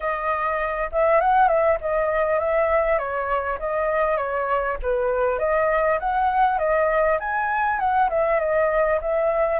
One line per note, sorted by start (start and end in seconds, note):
0.00 0.90 D#5
0.92 1.20 E5
1.20 1.48 F#5
1.48 1.78 E5
1.80 2.39 D#5
2.39 2.98 E5
2.98 3.58 C#5
3.59 4.17 D#5
4.17 4.77 C#5
4.82 5.38 B4
5.38 5.98 D#5
5.99 6.58 F#5
6.58 7.18 D#5
7.19 7.79 G#5
7.79 8.09 F#5
8.09 8.39 E5
8.39 8.99 D#5
9.01 9.59 E5